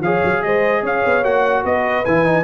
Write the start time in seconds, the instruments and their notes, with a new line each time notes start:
0.00 tuba F3, trombone G#4, horn C#5, trumpet F5
0.24 tuba F#3
0.43 tuba G#3, horn C5, trumpet D#5
0.82 tuba C#4, horn C#5, trumpet F5
1.06 tuba B3
1.23 tuba A#3, trombone F#4, trumpet F#5
1.64 tuba B3, horn B4, trumpet D#5
2.05 tuba E3, trombone E4, trumpet G#5
2.25 trombone D#4